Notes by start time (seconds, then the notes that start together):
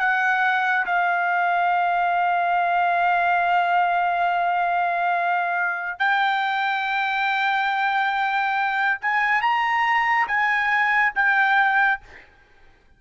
0.00 F#5
0.86 F5
6.00 G5
9.02 G#5
9.42 A#5
10.28 G#5
11.15 G5